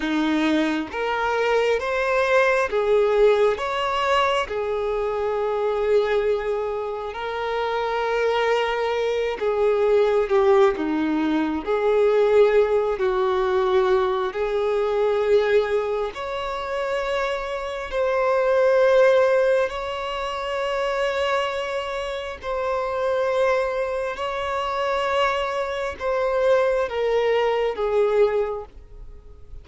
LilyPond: \new Staff \with { instrumentName = "violin" } { \time 4/4 \tempo 4 = 67 dis'4 ais'4 c''4 gis'4 | cis''4 gis'2. | ais'2~ ais'8 gis'4 g'8 | dis'4 gis'4. fis'4. |
gis'2 cis''2 | c''2 cis''2~ | cis''4 c''2 cis''4~ | cis''4 c''4 ais'4 gis'4 | }